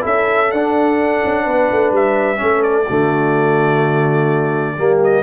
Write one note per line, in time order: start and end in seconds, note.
0.00 0.52 C#4
0.00 0.47 E4
0.00 1.43 A4
0.00 0.51 E5
0.51 1.23 D4
0.51 2.36 D4
0.51 1.92 F#5
1.24 1.47 C#4
1.43 1.70 B3
1.43 2.38 B4
1.71 1.91 A3
1.91 2.39 G3
1.91 2.62 E5
2.36 2.89 A3
2.36 2.83 C#4
2.43 2.85 A4
2.62 4.99 D5
2.85 4.77 D3
2.85 4.77 A3
2.85 4.74 F#4
4.76 5.23 G3
4.76 5.23 A#3
4.76 5.23 G4
5.03 5.23 D#5